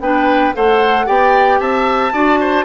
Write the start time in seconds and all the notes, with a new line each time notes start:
0.00 B3 D4 B4 G5
0.54 A3 A4 C5 F#5
1.06 B3 G4 D5 G5
1.60 C4 E5 A5
2.13 D4 F#4 D5
2.40 C5